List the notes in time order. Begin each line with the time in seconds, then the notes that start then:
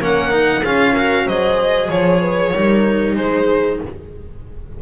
0.00 A#3 C#4 A#4 F#5
0.31 D#4
0.60 C#4 F4 G#4 F5
0.92 F#4 A#4
1.26 F#3 G#4 C5 D#5
1.89 F3 C#5
2.21 B4
2.53 G3 D#4 A#4
3.16 G#3 G#4 C5